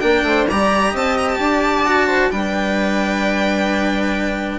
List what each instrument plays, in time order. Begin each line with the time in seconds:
0.00 bassoon A#3, cello D4, viola A#4, violin G5
0.23 bassoon A3, viola C5
0.49 bassoon G3, cello G4, viola D5, violin A#5
0.91 bassoon C4, viola D#5, violin A5
1.17 violin A#5
1.29 violin A5
1.39 bassoon D4, viola D5
1.86 cello F#4
2.07 viola C5
2.31 bassoon G3, cello D4, viola B4, violin G5